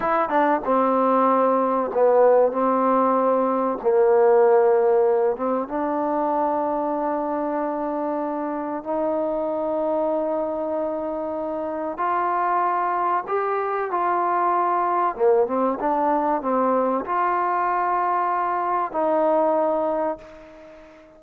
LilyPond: \new Staff \with { instrumentName = "trombone" } { \time 4/4 \tempo 4 = 95 e'8 d'8 c'2 b4 | c'2 ais2~ | ais8 c'8 d'2.~ | d'2 dis'2~ |
dis'2. f'4~ | f'4 g'4 f'2 | ais8 c'8 d'4 c'4 f'4~ | f'2 dis'2 | }